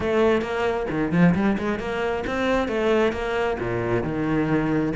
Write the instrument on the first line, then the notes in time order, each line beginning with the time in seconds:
cello
0.00 A3
0.41 A#3
0.90 D#3
1.12 F3
1.34 G3
1.58 G#3
1.79 A#3
2.26 C4
2.68 A3
3.12 A#3
3.59 A#2
4.03 D#3